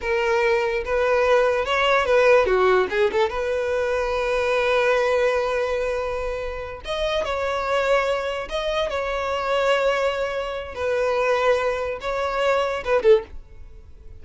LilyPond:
\new Staff \with { instrumentName = "violin" } { \time 4/4 \tempo 4 = 145 ais'2 b'2 | cis''4 b'4 fis'4 gis'8 a'8 | b'1~ | b'1~ |
b'8 dis''4 cis''2~ cis''8~ | cis''8 dis''4 cis''2~ cis''8~ | cis''2 b'2~ | b'4 cis''2 b'8 a'8 | }